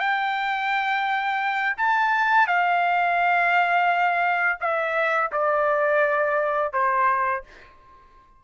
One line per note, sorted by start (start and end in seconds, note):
0.00 1.76 G5
1.77 2.47 A5
2.47 4.59 F5
4.60 5.31 E5
5.32 6.73 D5
6.73 7.44 C5